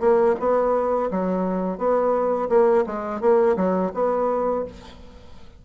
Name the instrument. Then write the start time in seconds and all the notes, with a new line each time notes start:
bassoon
0.00 A#3
0.40 B3
1.11 F#3
1.78 B3
2.49 A#3
2.87 G#3
3.21 A#3
3.56 F#3
3.94 B3